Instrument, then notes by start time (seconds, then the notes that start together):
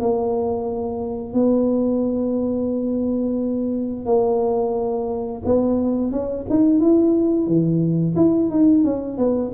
tuba
0.00 A#3
1.33 B3
4.05 A#3
5.45 B3
6.11 C#4
6.49 D#4
6.80 E4
7.46 E3
8.16 E4
8.50 D#4
8.84 C#4
9.17 B3